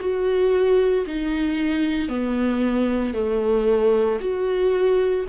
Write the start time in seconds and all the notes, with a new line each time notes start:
0.00 F#4
1.07 D#4
2.09 B3
3.14 A3
4.20 F#4